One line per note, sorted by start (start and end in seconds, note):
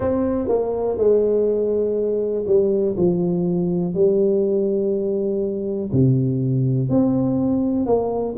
0.00 0.48 C4
0.48 0.97 A#3
0.97 2.45 G#3
2.46 2.96 G3
2.97 3.94 F3
3.94 5.91 G3
5.92 6.89 C3
6.89 7.86 C4
7.86 8.35 A#3